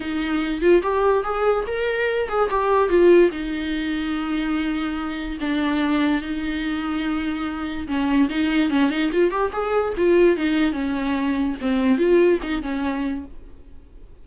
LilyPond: \new Staff \with { instrumentName = "viola" } { \time 4/4 \tempo 4 = 145 dis'4. f'8 g'4 gis'4 | ais'4. gis'8 g'4 f'4 | dis'1~ | dis'4 d'2 dis'4~ |
dis'2. cis'4 | dis'4 cis'8 dis'8 f'8 g'8 gis'4 | f'4 dis'4 cis'2 | c'4 f'4 dis'8 cis'4. | }